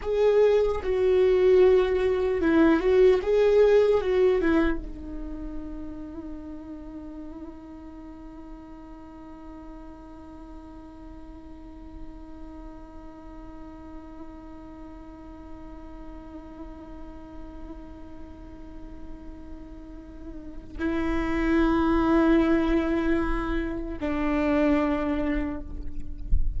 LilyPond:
\new Staff \with { instrumentName = "viola" } { \time 4/4 \tempo 4 = 75 gis'4 fis'2 e'8 fis'8 | gis'4 fis'8 e'8 dis'2~ | dis'1~ | dis'1~ |
dis'1~ | dis'1~ | dis'2 e'2~ | e'2 d'2 | }